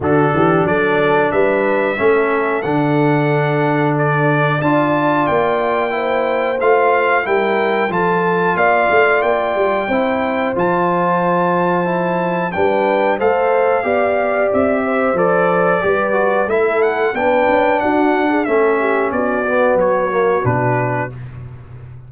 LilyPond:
<<
  \new Staff \with { instrumentName = "trumpet" } { \time 4/4 \tempo 4 = 91 a'4 d''4 e''2 | fis''2 d''4 a''4 | g''2 f''4 g''4 | a''4 f''4 g''2 |
a''2. g''4 | f''2 e''4 d''4~ | d''4 e''8 fis''8 g''4 fis''4 | e''4 d''4 cis''4 b'4 | }
  \new Staff \with { instrumentName = "horn" } { \time 4/4 fis'8 g'8 a'4 b'4 a'4~ | a'2. d''4~ | d''4 c''2 ais'4 | a'4 d''2 c''4~ |
c''2. b'4 | c''4 d''4. c''4. | b'4 a'4 b'4 fis'8. gis'16 | a'8 g'8 fis'2. | }
  \new Staff \with { instrumentName = "trombone" } { \time 4/4 d'2. cis'4 | d'2. f'4~ | f'4 e'4 f'4 e'4 | f'2. e'4 |
f'2 e'4 d'4 | a'4 g'2 a'4 | g'8 fis'8 e'4 d'2 | cis'4. b4 ais8 d'4 | }
  \new Staff \with { instrumentName = "tuba" } { \time 4/4 d8 e8 fis4 g4 a4 | d2. d'4 | ais2 a4 g4 | f4 ais8 a8 ais8 g8 c'4 |
f2. g4 | a4 b4 c'4 f4 | g4 a4 b8 cis'8 d'4 | a4 b4 fis4 b,4 | }
>>